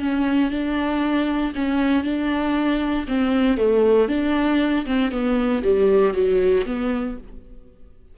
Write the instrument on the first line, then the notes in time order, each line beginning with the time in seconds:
viola
0.00 C#4
0.51 D4
1.55 C#4
2.04 D4
3.08 C4
3.58 A3
4.08 D4
4.86 C4
5.11 B3
5.64 G3
6.14 F#3
6.66 B3